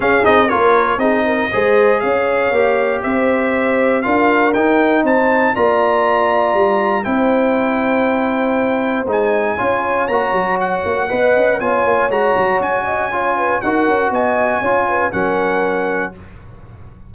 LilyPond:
<<
  \new Staff \with { instrumentName = "trumpet" } { \time 4/4 \tempo 4 = 119 f''8 dis''8 cis''4 dis''2 | f''2 e''2 | f''4 g''4 a''4 ais''4~ | ais''2 g''2~ |
g''2 gis''2 | ais''4 fis''2 gis''4 | ais''4 gis''2 fis''4 | gis''2 fis''2 | }
  \new Staff \with { instrumentName = "horn" } { \time 4/4 gis'4 ais'4 gis'8 ais'8 c''4 | cis''2 c''2 | ais'2 c''4 d''4~ | d''2 c''2~ |
c''2. cis''4~ | cis''2 dis''4 cis''4~ | cis''4. dis''8 cis''8 b'8 ais'4 | dis''4 cis''8 b'8 ais'2 | }
  \new Staff \with { instrumentName = "trombone" } { \time 4/4 cis'8 dis'8 f'4 dis'4 gis'4~ | gis'4 g'2. | f'4 dis'2 f'4~ | f'2 e'2~ |
e'2 dis'4 f'4 | fis'2 b'4 f'4 | fis'2 f'4 fis'4~ | fis'4 f'4 cis'2 | }
  \new Staff \with { instrumentName = "tuba" } { \time 4/4 cis'8 c'8 ais4 c'4 gis4 | cis'4 ais4 c'2 | d'4 dis'4 c'4 ais4~ | ais4 g4 c'2~ |
c'2 gis4 cis'4 | ais8 fis4 ais8 b8 cis'8 b8 ais8 | gis8 fis8 cis'2 dis'8 cis'8 | b4 cis'4 fis2 | }
>>